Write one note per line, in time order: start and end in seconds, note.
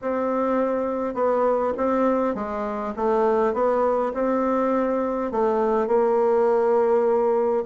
0.01 1.14 C4
1.14 1.73 B3
1.77 2.34 C4
2.34 2.93 G#3
2.96 3.53 A3
3.53 4.12 B3
4.14 5.31 C4
5.31 5.87 A3
5.87 7.63 A#3